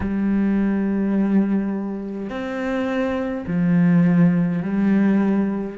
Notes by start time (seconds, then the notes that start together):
0.00 G3
2.29 C4
3.47 F3
4.62 G3